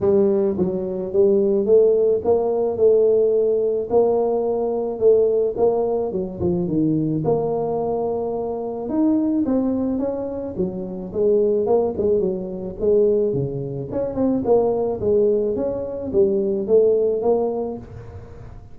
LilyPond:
\new Staff \with { instrumentName = "tuba" } { \time 4/4 \tempo 4 = 108 g4 fis4 g4 a4 | ais4 a2 ais4~ | ais4 a4 ais4 fis8 f8 | dis4 ais2. |
dis'4 c'4 cis'4 fis4 | gis4 ais8 gis8 fis4 gis4 | cis4 cis'8 c'8 ais4 gis4 | cis'4 g4 a4 ais4 | }